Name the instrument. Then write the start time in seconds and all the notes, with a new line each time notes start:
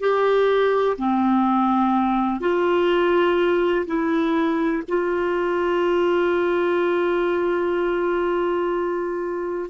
clarinet
0.00 G4
0.98 C4
2.40 F4
3.86 E4
4.88 F4